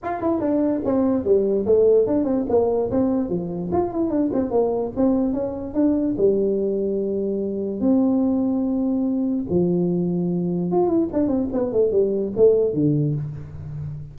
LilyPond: \new Staff \with { instrumentName = "tuba" } { \time 4/4 \tempo 4 = 146 f'8 e'8 d'4 c'4 g4 | a4 d'8 c'8 ais4 c'4 | f4 f'8 e'8 d'8 c'8 ais4 | c'4 cis'4 d'4 g4~ |
g2. c'4~ | c'2. f4~ | f2 f'8 e'8 d'8 c'8 | b8 a8 g4 a4 d4 | }